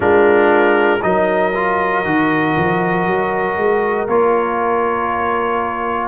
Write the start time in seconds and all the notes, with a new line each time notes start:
0.00 G#3 D4 F4 A#4
1.01 F#3 D#4 A#4 D#5
1.54 F4
2.04 D#3 F#4
2.57 F3
3.06 F#3
3.57 G#3
4.07 A#3 F4 C#5